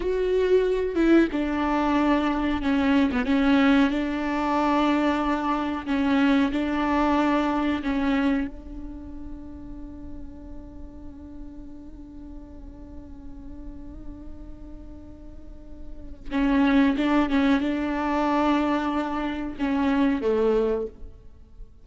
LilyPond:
\new Staff \with { instrumentName = "viola" } { \time 4/4 \tempo 4 = 92 fis'4. e'8 d'2 | cis'8. b16 cis'4 d'2~ | d'4 cis'4 d'2 | cis'4 d'2.~ |
d'1~ | d'1~ | d'4 cis'4 d'8 cis'8 d'4~ | d'2 cis'4 a4 | }